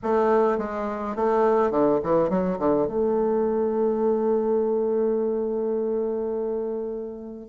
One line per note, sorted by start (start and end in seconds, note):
0.02 0.58 A3
0.58 1.15 G#3
1.15 1.70 A3
1.70 1.99 D3
2.03 2.29 E3
2.29 2.58 F#3
2.59 2.87 D3
2.87 7.48 A3